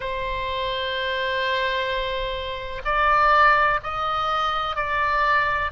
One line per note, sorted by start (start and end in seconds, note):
0.00 2.82 C5
2.84 3.80 D5
3.83 4.76 D#5
4.76 5.71 D5